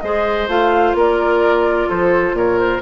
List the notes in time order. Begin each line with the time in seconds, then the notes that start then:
0.00 G#3 G#4 C5 D#5
0.47 A3 F4 F5
0.94 A#3 A#4 D5
1.88 F3 A4 C5
2.32 A#2 A#4 C#5
2.58 C5